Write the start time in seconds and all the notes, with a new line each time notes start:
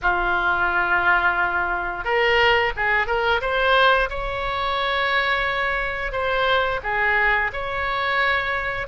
0.02 F4
2.04 A#4
2.76 G#4
3.06 A#4
3.41 C5
4.09 C#5
6.11 C5
6.83 G#4
7.52 C#5